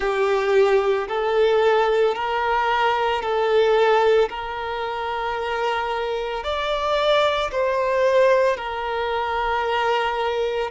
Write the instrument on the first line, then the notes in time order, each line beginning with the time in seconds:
violin
0.00 G4
1.08 A4
2.14 A#4
3.21 A4
4.29 A#4
6.43 D5
7.51 C5
8.56 A#4